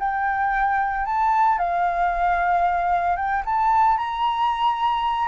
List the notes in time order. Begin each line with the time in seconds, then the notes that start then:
0.00 G5
1.06 A5
1.58 F5
3.16 G5
3.45 A5
3.98 A#5